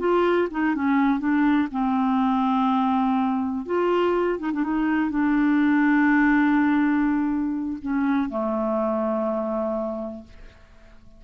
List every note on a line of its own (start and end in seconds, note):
0.00 0.49 F4
0.51 0.75 D#4
0.76 1.20 C#4
1.20 1.69 D4
1.72 3.66 C4
3.66 4.39 F4
4.39 4.52 D#4
4.53 4.64 D4
4.64 5.10 D#4
5.10 7.79 D4
7.82 8.30 C#4
8.30 10.25 A3